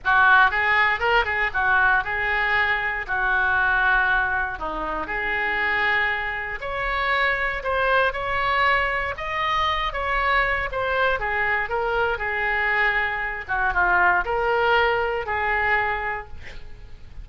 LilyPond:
\new Staff \with { instrumentName = "oboe" } { \time 4/4 \tempo 4 = 118 fis'4 gis'4 ais'8 gis'8 fis'4 | gis'2 fis'2~ | fis'4 dis'4 gis'2~ | gis'4 cis''2 c''4 |
cis''2 dis''4. cis''8~ | cis''4 c''4 gis'4 ais'4 | gis'2~ gis'8 fis'8 f'4 | ais'2 gis'2 | }